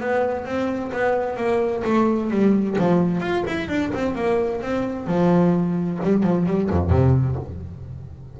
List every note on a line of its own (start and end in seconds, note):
0.00 0.45 B3
0.45 0.91 C4
0.92 1.36 B3
1.36 1.83 A#3
1.84 2.30 A3
2.30 2.77 G3
2.78 3.20 F3
3.20 3.43 F4
3.47 3.68 E4
3.68 3.91 D4
3.93 4.15 C4
4.15 4.61 A#3
4.61 5.07 C4
5.07 5.99 F3
6.03 6.23 G3
6.23 6.46 F3
6.46 6.69 G3
6.70 6.90 F2
6.90 7.36 C3